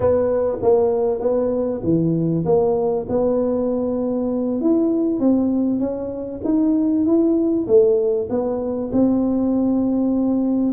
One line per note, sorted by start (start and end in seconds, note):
0.00 0.58 B3
0.62 1.20 A#3
1.20 1.81 B3
1.83 2.44 E3
2.45 3.06 A#3
3.08 4.60 B3
4.60 5.19 E4
5.19 5.79 C4
5.79 6.40 C#4
6.44 7.05 D#4
7.05 7.66 E4
7.67 8.28 A3
8.29 8.91 B3
8.92 10.72 C4